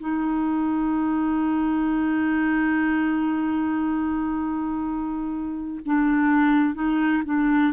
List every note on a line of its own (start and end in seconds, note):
0.00 5.81 D#4
5.85 6.74 D4
6.74 7.23 D#4
7.25 7.73 D4